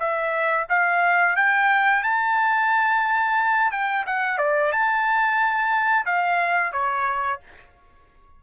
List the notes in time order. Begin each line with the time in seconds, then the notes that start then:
0.00 E5
0.70 F5
1.36 G5
2.04 A5
3.71 G5
4.07 F#5
4.39 D5
4.73 A5
6.06 F5
6.73 C#5